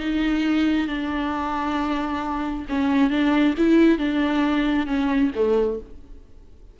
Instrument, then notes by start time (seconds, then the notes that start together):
viola
0.00 D#4
0.88 D4
2.69 C#4
3.11 D4
3.58 E4
3.98 D4
4.87 C#4
5.35 A3